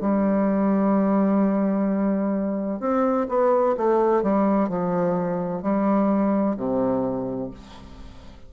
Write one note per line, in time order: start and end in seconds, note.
0.00 2.80 G3
2.80 3.26 C4
3.28 3.75 B3
3.77 4.22 A3
4.22 4.68 G3
4.68 5.62 F3
5.62 6.56 G3
6.56 7.50 C3